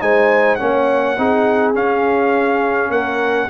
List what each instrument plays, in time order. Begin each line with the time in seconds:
0.00 tuba G#3, trombone D#4, horn C5, trumpet G#5
0.55 trombone C#4, horn C#5, trumpet F#5
0.61 tuba A#3
1.17 tuba C4, trombone D#4, horn G#4
1.74 trombone C#4, tuba C#4, trumpet F5
2.90 tuba A#3, horn A#4, trumpet F#5